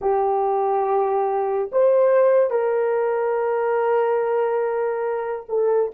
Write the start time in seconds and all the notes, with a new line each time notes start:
0.01 G4
1.72 C5
2.50 A#4
5.49 A4